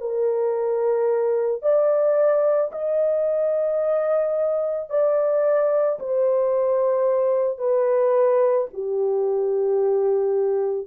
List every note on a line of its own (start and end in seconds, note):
0.00 1.62 A#4
1.62 2.71 D5
2.71 4.89 D#5
4.89 5.99 D5
5.99 7.58 C5
7.58 8.67 B4
8.73 10.87 G4